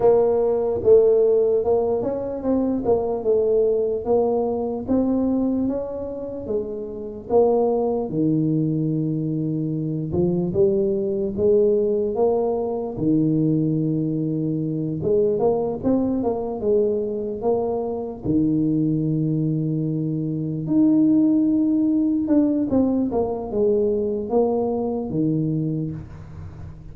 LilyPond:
\new Staff \with { instrumentName = "tuba" } { \time 4/4 \tempo 4 = 74 ais4 a4 ais8 cis'8 c'8 ais8 | a4 ais4 c'4 cis'4 | gis4 ais4 dis2~ | dis8 f8 g4 gis4 ais4 |
dis2~ dis8 gis8 ais8 c'8 | ais8 gis4 ais4 dis4.~ | dis4. dis'2 d'8 | c'8 ais8 gis4 ais4 dis4 | }